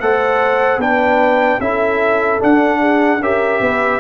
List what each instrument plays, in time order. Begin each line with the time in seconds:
0.00 tuba A3, trombone A4, horn C5, trumpet F#5
0.77 tuba B3, trombone D4, horn B4, trumpet G5
1.60 tuba C#4, trombone E4, horn A4, trumpet E5
2.39 trombone D4, tuba D4, trumpet F#5
2.80 horn G#4
3.20 tuba C#4, trombone G4, horn A#4, trumpet E5
3.61 tuba B3, horn B4